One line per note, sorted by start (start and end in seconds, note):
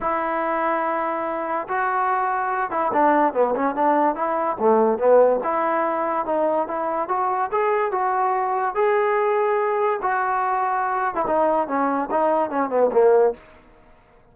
0.01 1.67 E4
1.68 2.70 F#4
2.70 2.91 E4
2.92 3.33 D4
3.33 3.54 B3
3.55 3.75 C#4
3.75 4.15 D4
4.15 4.56 E4
4.59 4.98 A3
4.98 5.40 B3
5.43 6.25 E4
6.25 6.67 D#4
6.67 7.08 E4
7.08 7.50 F#4
7.51 7.91 G#4
7.91 8.74 F#4
8.74 9.99 G#4
10.02 11.15 F#4
11.15 11.25 E4
11.26 11.67 D#4
11.67 12.09 C#4
12.11 12.50 D#4
12.50 12.69 C#4
12.69 12.90 B3
12.92 13.33 A#3